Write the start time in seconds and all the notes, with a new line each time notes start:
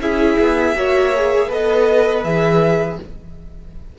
0.00 C#4 E4 G#4 E5
0.39 B3
0.76 A#3 F#4 C#5
1.16 G#4
1.48 B3 A4 B4 D#5
2.25 E3 G#4 E5